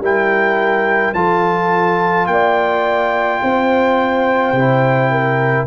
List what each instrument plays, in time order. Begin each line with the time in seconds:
0.00 tuba G3, trombone E4, horn A#4, trumpet G5
1.14 tuba F3, trombone F4, horn A4, trumpet A5
2.27 tuba A#3, horn D5, trumpet G5
3.43 tuba C4, horn C5
4.52 tuba C3, trombone E4
5.12 horn A#4